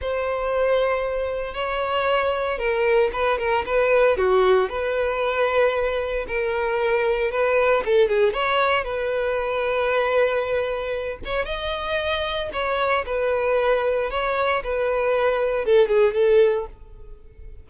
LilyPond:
\new Staff \with { instrumentName = "violin" } { \time 4/4 \tempo 4 = 115 c''2. cis''4~ | cis''4 ais'4 b'8 ais'8 b'4 | fis'4 b'2. | ais'2 b'4 a'8 gis'8 |
cis''4 b'2.~ | b'4. cis''8 dis''2 | cis''4 b'2 cis''4 | b'2 a'8 gis'8 a'4 | }